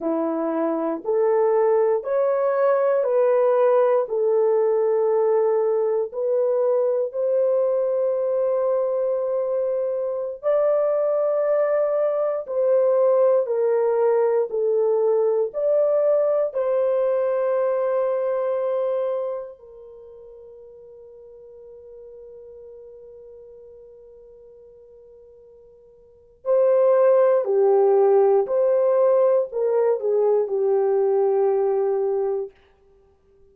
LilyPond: \new Staff \with { instrumentName = "horn" } { \time 4/4 \tempo 4 = 59 e'4 a'4 cis''4 b'4 | a'2 b'4 c''4~ | c''2~ c''16 d''4.~ d''16~ | d''16 c''4 ais'4 a'4 d''8.~ |
d''16 c''2. ais'8.~ | ais'1~ | ais'2 c''4 g'4 | c''4 ais'8 gis'8 g'2 | }